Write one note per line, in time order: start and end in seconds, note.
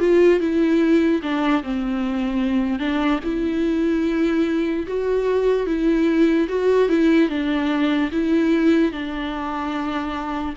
0.00 0.41 F4
0.41 1.22 E4
1.23 1.63 D4
1.64 2.80 C4
2.80 3.20 D4
3.24 4.86 E4
4.88 5.67 F#4
5.67 6.48 E4
6.49 6.89 F#4
6.89 7.30 E4
7.30 8.11 D4
8.12 8.92 E4
8.92 10.54 D4